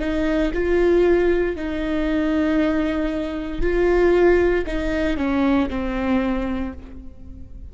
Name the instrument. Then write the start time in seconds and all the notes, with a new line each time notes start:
viola
0.00 D#4
0.54 F4
1.56 D#4
3.62 F4
4.66 D#4
5.17 C#4
5.69 C4